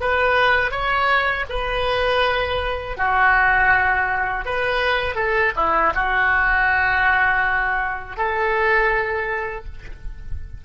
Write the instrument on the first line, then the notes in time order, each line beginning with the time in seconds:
oboe
0.00 B4
0.71 C#5
1.49 B4
2.97 F#4
4.45 B4
5.15 A4
5.56 E4
5.95 F#4
8.16 A4